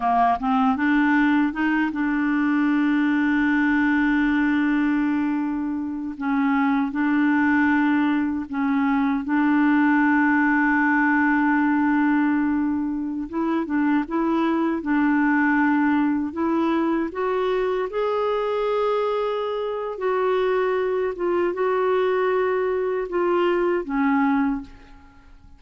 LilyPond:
\new Staff \with { instrumentName = "clarinet" } { \time 4/4 \tempo 4 = 78 ais8 c'8 d'4 dis'8 d'4.~ | d'1 | cis'4 d'2 cis'4 | d'1~ |
d'4~ d'16 e'8 d'8 e'4 d'8.~ | d'4~ d'16 e'4 fis'4 gis'8.~ | gis'2 fis'4. f'8 | fis'2 f'4 cis'4 | }